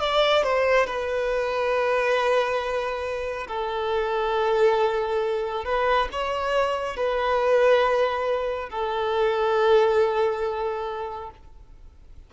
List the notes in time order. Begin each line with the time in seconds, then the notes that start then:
0.00 D5
0.43 C5
0.86 B4
3.47 A4
5.65 B4
6.12 C#5
6.96 B4
8.70 A4